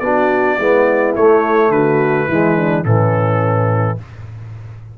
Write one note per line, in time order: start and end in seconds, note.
0.00 0.57 B3
0.00 0.59 D4
0.00 0.58 F#4
0.00 1.13 D5
0.58 1.15 G#3
0.58 1.17 B3
0.58 1.71 E4
1.16 1.70 A3
1.16 2.31 A3
1.16 1.72 C#5
1.70 2.27 D3
1.70 2.28 F#4
1.70 2.85 B4
2.28 2.85 E3
2.28 2.85 G#3
2.28 2.56 E4
2.56 2.84 D4
2.84 3.98 A2
2.84 3.98 E3
2.84 3.97 C#4
2.84 3.98 A4